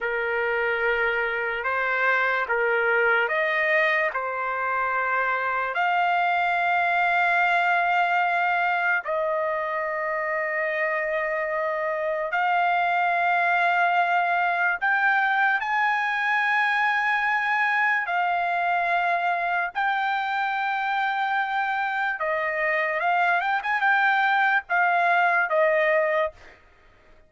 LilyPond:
\new Staff \with { instrumentName = "trumpet" } { \time 4/4 \tempo 4 = 73 ais'2 c''4 ais'4 | dis''4 c''2 f''4~ | f''2. dis''4~ | dis''2. f''4~ |
f''2 g''4 gis''4~ | gis''2 f''2 | g''2. dis''4 | f''8 g''16 gis''16 g''4 f''4 dis''4 | }